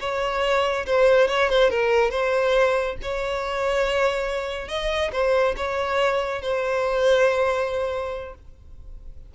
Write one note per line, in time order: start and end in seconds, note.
0.00 0.86 C#5
0.86 1.28 C5
1.28 1.49 C#5
1.50 1.70 C5
1.70 2.11 A#4
2.11 2.96 C5
3.02 4.68 C#5
4.68 5.11 D#5
5.12 5.55 C5
5.57 6.42 C#5
6.42 8.35 C5